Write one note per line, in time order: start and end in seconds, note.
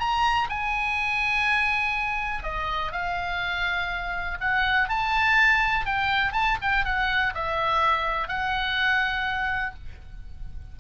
0.00 0.49 A#5
0.49 2.44 G#5
2.44 2.92 D#5
2.92 4.39 F5
4.41 4.89 F#5
4.89 5.86 A5
5.86 6.33 G5
6.33 6.57 A5
6.62 6.85 G5
6.85 7.34 F#5
7.35 8.28 E5
8.28 9.75 F#5